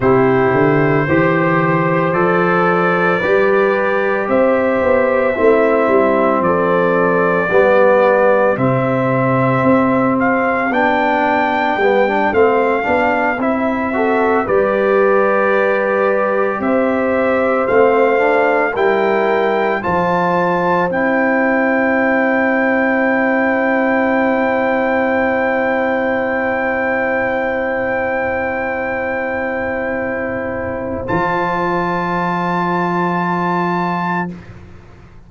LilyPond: <<
  \new Staff \with { instrumentName = "trumpet" } { \time 4/4 \tempo 4 = 56 c''2 d''2 | e''2 d''2 | e''4. f''8 g''4. f''8~ | f''8 e''4 d''2 e''8~ |
e''8 f''4 g''4 a''4 g''8~ | g''1~ | g''1~ | g''4 a''2. | }
  \new Staff \with { instrumentName = "horn" } { \time 4/4 g'4 c''2 b'4 | c''4 e'4 a'4 g'4~ | g'1~ | g'4 a'8 b'2 c''8~ |
c''4. ais'4 c''4.~ | c''1~ | c''1~ | c''1 | }
  \new Staff \with { instrumentName = "trombone" } { \time 4/4 e'4 g'4 a'4 g'4~ | g'4 c'2 b4 | c'2 d'4 b16 d'16 c'8 | d'8 e'8 fis'8 g'2~ g'8~ |
g'8 c'8 d'8 e'4 f'4 e'8~ | e'1~ | e'1~ | e'4 f'2. | }
  \new Staff \with { instrumentName = "tuba" } { \time 4/4 c8 d8 e4 f4 g4 | c'8 b8 a8 g8 f4 g4 | c4 c'4 b4 g8 a8 | b8 c'4 g2 c'8~ |
c'8 a4 g4 f4 c'8~ | c'1~ | c'1~ | c'4 f2. | }
>>